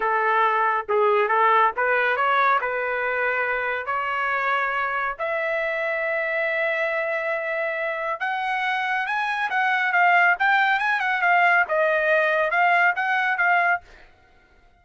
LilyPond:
\new Staff \with { instrumentName = "trumpet" } { \time 4/4 \tempo 4 = 139 a'2 gis'4 a'4 | b'4 cis''4 b'2~ | b'4 cis''2. | e''1~ |
e''2. fis''4~ | fis''4 gis''4 fis''4 f''4 | g''4 gis''8 fis''8 f''4 dis''4~ | dis''4 f''4 fis''4 f''4 | }